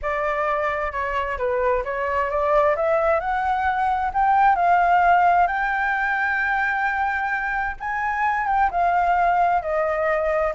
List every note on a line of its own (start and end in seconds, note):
0.01 0.91 D5
0.91 1.37 C#5
1.38 1.83 B4
1.84 2.29 C#5
2.29 2.75 D5
2.75 3.20 E5
3.20 4.11 F#5
4.13 4.55 G5
4.55 5.47 F5
5.47 7.76 G5
7.80 8.46 G#5
8.46 8.69 G5
8.70 9.62 F5
9.62 10.53 D#5